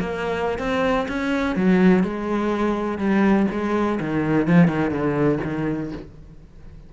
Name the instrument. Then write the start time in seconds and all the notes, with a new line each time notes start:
cello
0.00 A#3
0.59 C4
1.09 C#4
1.56 F#3
2.04 G#3
2.98 G3
3.51 G#3
4.01 D#3
4.48 F3
4.68 D#3
4.91 D3
5.44 D#3